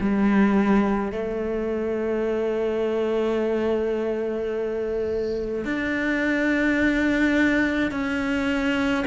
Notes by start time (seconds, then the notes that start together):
0.00 G3
1.12 A3
5.64 D4
7.91 C#4